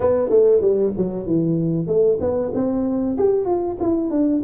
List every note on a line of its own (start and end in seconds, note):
0.00 0.29 B3
0.29 0.61 A3
0.61 0.92 G3
0.97 1.26 F#3
1.26 1.86 E3
1.86 2.18 A3
2.20 2.51 B3
2.53 3.17 C4
3.17 3.45 G4
3.45 3.77 F4
3.80 4.10 E4
4.10 4.42 D4